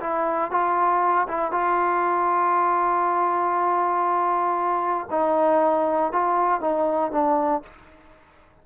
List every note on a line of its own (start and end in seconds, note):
0.00 0.51 E4
0.51 1.27 F4
1.28 1.52 E4
1.52 5.08 F4
5.10 6.12 D#4
6.12 6.61 F4
6.61 7.11 D#4
7.11 7.62 D4